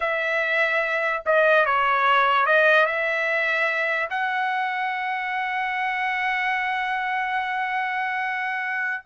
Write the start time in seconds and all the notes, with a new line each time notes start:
0.00 E5
1.25 D#5
1.65 C#5
2.45 D#5
2.86 E5
4.10 F#5